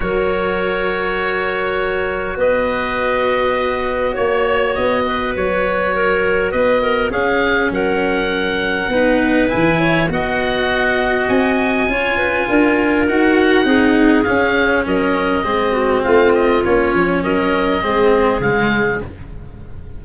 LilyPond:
<<
  \new Staff \with { instrumentName = "oboe" } { \time 4/4 \tempo 4 = 101 cis''1 | dis''2. cis''4 | dis''4 cis''2 dis''4 | f''4 fis''2. |
gis''4 fis''2 gis''4~ | gis''2 fis''2 | f''4 dis''2 f''8 dis''8 | cis''4 dis''2 f''4 | }
  \new Staff \with { instrumentName = "clarinet" } { \time 4/4 ais'1 | b'2. cis''4~ | cis''8 b'4. ais'4 b'8 ais'8 | gis'4 ais'2 b'4~ |
b'8 cis''8 dis''2. | cis''8 b'8 ais'2 gis'4~ | gis'4 ais'4 gis'8 fis'8 f'4~ | f'4 ais'4 gis'2 | }
  \new Staff \with { instrumentName = "cello" } { \time 4/4 fis'1~ | fis'1~ | fis'1 | cis'2. dis'4 |
e'4 fis'2. | f'2 fis'4 dis'4 | cis'2 c'2 | cis'2 c'4 gis4 | }
  \new Staff \with { instrumentName = "tuba" } { \time 4/4 fis1 | b2. ais4 | b4 fis2 b4 | cis'4 fis2 b4 |
e4 b2 c'4 | cis'4 d'4 dis'4 c'4 | cis'4 fis4 gis4 a4 | ais8 f8 fis4 gis4 cis4 | }
>>